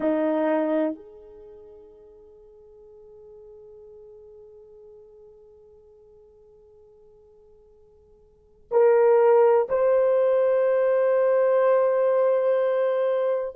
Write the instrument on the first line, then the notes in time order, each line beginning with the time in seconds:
horn
0.00 D#4
0.95 G#4
8.71 A#4
9.69 C5